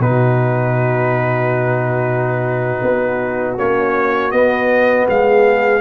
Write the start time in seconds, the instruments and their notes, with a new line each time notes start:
0.00 tuba B2, trombone D#4, horn F#4, trumpet B4
2.83 tuba B3
3.58 tuba A#3, trombone C#4, trumpet C#5
4.32 tuba B3, trombone B3, trumpet D#5
5.08 tuba G#3, horn G#4, trumpet F5